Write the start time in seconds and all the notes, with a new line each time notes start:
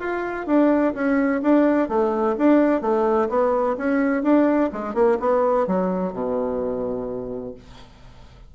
0.00 F4
0.47 D4
0.94 C#4
1.43 D4
1.89 A3
2.38 D4
2.82 A3
3.29 B3
3.78 C#4
4.23 D4
4.73 G#3
4.95 A#3
5.21 B3
5.67 F#3
6.13 B2